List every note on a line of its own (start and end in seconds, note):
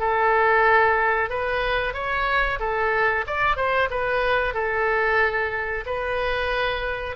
0.00 1.30 A4
1.30 1.94 B4
1.94 2.59 C#5
2.60 3.25 A4
3.27 3.57 D5
3.57 3.89 C5
3.91 4.54 B4
4.54 5.85 A4
5.86 7.16 B4